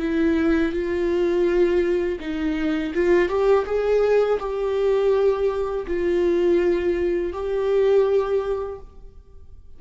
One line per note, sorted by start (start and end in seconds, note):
0.00 0.73 E4
0.73 2.19 F4
2.20 2.93 D#4
2.95 3.29 F4
3.29 3.66 G4
3.66 4.39 G#4
4.40 5.86 G4
5.87 7.33 F4
7.33 8.79 G4